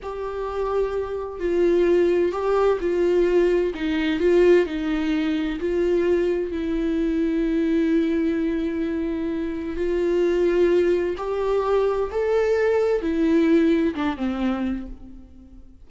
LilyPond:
\new Staff \with { instrumentName = "viola" } { \time 4/4 \tempo 4 = 129 g'2. f'4~ | f'4 g'4 f'2 | dis'4 f'4 dis'2 | f'2 e'2~ |
e'1~ | e'4 f'2. | g'2 a'2 | e'2 d'8 c'4. | }